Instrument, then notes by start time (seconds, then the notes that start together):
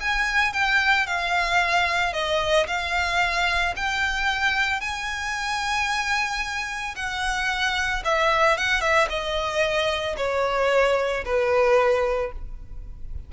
violin
0.00 G#5
0.53 G5
1.06 F5
2.13 D#5
2.67 F5
3.76 G5
4.80 G#5
6.95 F#5
8.05 E5
8.57 F#5
8.81 E5
9.09 D#5
10.17 C#5
11.25 B4